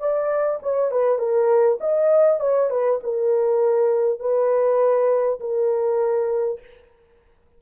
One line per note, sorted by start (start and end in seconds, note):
0.00 0.60 D5
0.63 0.91 C#5
0.91 1.19 B4
1.19 1.79 A#4
1.81 2.41 D#5
2.41 2.70 C#5
2.70 3.00 B4
3.04 4.20 A#4
4.20 5.40 B4
5.41 6.61 A#4